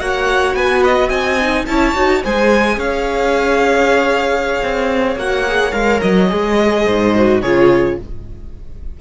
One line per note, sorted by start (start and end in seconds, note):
0.00 0.54 A#3
0.00 1.41 F#4
0.00 0.56 C#5
0.00 0.55 F#5
0.54 1.10 B3
0.54 1.09 B4
0.54 0.83 G#5
0.84 1.10 D#5
1.09 1.66 C4
1.09 1.66 D#5
1.09 1.66 G#5
1.42 1.67 D#4
1.66 1.95 C#4
1.66 1.95 E4
1.66 2.24 C#5
1.66 2.22 A5
1.95 2.23 D#4
1.95 2.23 F#4
2.24 2.77 G#3
2.24 5.18 G#4
2.24 2.78 C5
2.24 2.80 G#5
2.77 4.59 C#4
2.77 6.85 C#5
2.77 5.18 F5
4.63 5.16 C4
5.16 5.73 A#3
5.16 5.46 F#4
5.16 5.73 F#5
5.48 5.72 G#4
5.72 6.01 G#3
5.72 6.28 A#4
5.72 6.01 F5
6.02 6.31 F#3
6.02 7.42 D#5
6.29 6.87 G#3
6.29 7.13 G#4
6.85 7.42 G#2
6.85 7.41 C5
7.15 7.43 F#4
7.41 7.98 C#3
7.41 8.01 F4
7.41 7.97 G#4
7.41 7.98 C#5